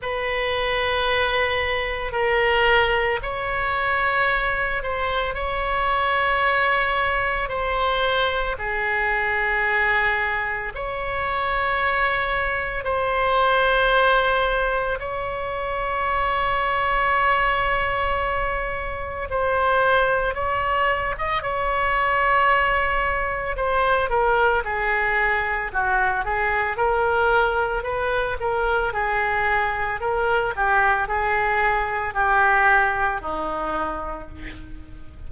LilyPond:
\new Staff \with { instrumentName = "oboe" } { \time 4/4 \tempo 4 = 56 b'2 ais'4 cis''4~ | cis''8 c''8 cis''2 c''4 | gis'2 cis''2 | c''2 cis''2~ |
cis''2 c''4 cis''8. dis''16 | cis''2 c''8 ais'8 gis'4 | fis'8 gis'8 ais'4 b'8 ais'8 gis'4 | ais'8 g'8 gis'4 g'4 dis'4 | }